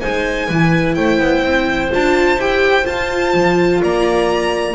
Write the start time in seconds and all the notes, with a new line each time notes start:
0.00 G#3 D#4 C5 G#5
0.47 E3 E4 B4
0.94 A3 C5 G5
1.19 B3
1.42 C4
1.91 D4 F4 A5
2.37 E4 G4 G5
2.83 F4 A5
3.34 F3
3.82 A#3 D5 A#5